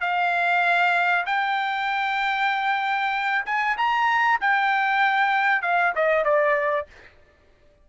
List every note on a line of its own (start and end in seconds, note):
0.00 1.25 F5
1.26 3.44 G5
3.45 3.76 G#5
3.77 4.39 A#5
4.41 5.61 G5
5.61 5.93 F5
5.95 6.24 D#5
6.24 6.86 D5